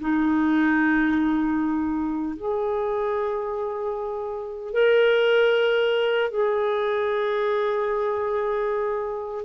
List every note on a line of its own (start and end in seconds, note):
0.00 2.36 D#4
2.36 4.73 G#4
4.73 6.31 A#4
6.31 9.44 G#4